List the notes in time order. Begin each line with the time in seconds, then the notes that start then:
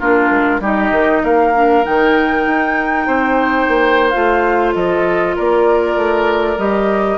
0.00 A#3 D4 F4 A#4
0.31 G#3
0.60 G3 D#4 G4 D#5
0.92 D#3
1.24 A#3 A#4 F5
1.55 D4
1.84 D#3 D#4 G5
2.47 D#4
3.07 C4 C5
3.68 A#3
4.10 A3 F4 F5
4.75 F3 A4 D#5
5.36 A#3 A#4 D5
5.97 A3
6.58 G3 G4 D#5